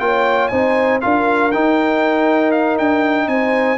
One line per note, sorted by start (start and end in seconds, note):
0.00 0.50 A#3
0.00 0.51 F4
0.00 0.51 C#5
0.00 0.48 G5
0.48 1.02 C4
0.48 1.01 D#4
0.48 1.02 C5
0.48 0.99 G#5
1.01 1.55 D4
1.01 1.52 F4
1.01 3.29 A#4
1.01 1.52 F5
1.52 3.78 D#4
1.52 2.79 D#4
1.52 2.52 G5
2.52 2.77 F5
2.78 3.28 D4
2.78 3.28 G5
3.28 3.78 C4
3.28 3.78 C5
3.28 3.78 G#5